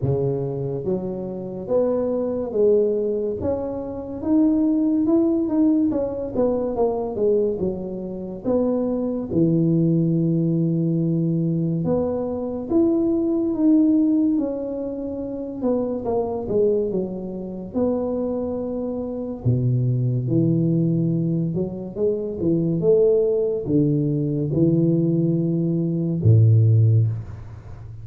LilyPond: \new Staff \with { instrumentName = "tuba" } { \time 4/4 \tempo 4 = 71 cis4 fis4 b4 gis4 | cis'4 dis'4 e'8 dis'8 cis'8 b8 | ais8 gis8 fis4 b4 e4~ | e2 b4 e'4 |
dis'4 cis'4. b8 ais8 gis8 | fis4 b2 b,4 | e4. fis8 gis8 e8 a4 | d4 e2 a,4 | }